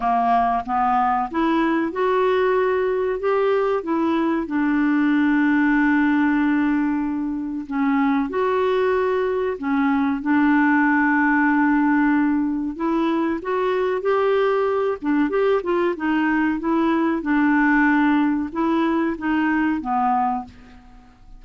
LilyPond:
\new Staff \with { instrumentName = "clarinet" } { \time 4/4 \tempo 4 = 94 ais4 b4 e'4 fis'4~ | fis'4 g'4 e'4 d'4~ | d'1 | cis'4 fis'2 cis'4 |
d'1 | e'4 fis'4 g'4. d'8 | g'8 f'8 dis'4 e'4 d'4~ | d'4 e'4 dis'4 b4 | }